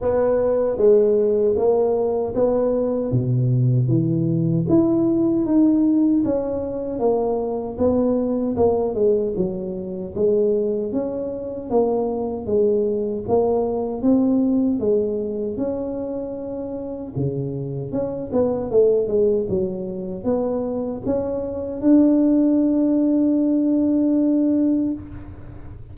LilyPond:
\new Staff \with { instrumentName = "tuba" } { \time 4/4 \tempo 4 = 77 b4 gis4 ais4 b4 | b,4 e4 e'4 dis'4 | cis'4 ais4 b4 ais8 gis8 | fis4 gis4 cis'4 ais4 |
gis4 ais4 c'4 gis4 | cis'2 cis4 cis'8 b8 | a8 gis8 fis4 b4 cis'4 | d'1 | }